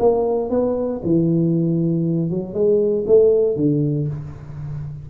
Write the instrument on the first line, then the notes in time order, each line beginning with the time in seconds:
tuba
0.00 A#3
0.50 B3
1.04 E3
2.31 F#3
2.54 G#3
3.07 A3
3.57 D3